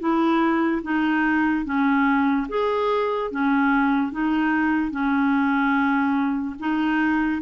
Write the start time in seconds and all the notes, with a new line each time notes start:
0.00 E4
0.83 D#4
1.65 C#4
2.49 G#4
3.31 C#4
4.12 D#4
4.92 C#4
6.60 D#4